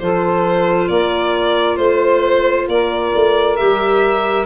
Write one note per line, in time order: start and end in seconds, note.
0.00 0.90 F3
0.00 3.58 F4
0.00 0.89 A4
0.00 0.89 C5
0.89 1.79 A#3
0.89 1.79 A#4
0.89 1.77 D5
1.77 2.68 A3
1.77 2.66 C5
1.77 2.70 C5
2.68 3.13 A#3
2.68 4.46 A#4
2.68 3.57 D5
3.16 3.60 A3
3.57 4.46 G3
3.57 4.46 G4
3.57 4.46 E5